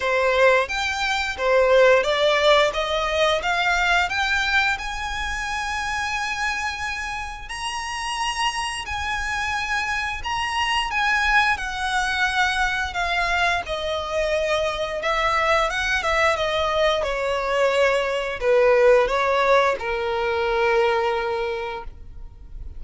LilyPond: \new Staff \with { instrumentName = "violin" } { \time 4/4 \tempo 4 = 88 c''4 g''4 c''4 d''4 | dis''4 f''4 g''4 gis''4~ | gis''2. ais''4~ | ais''4 gis''2 ais''4 |
gis''4 fis''2 f''4 | dis''2 e''4 fis''8 e''8 | dis''4 cis''2 b'4 | cis''4 ais'2. | }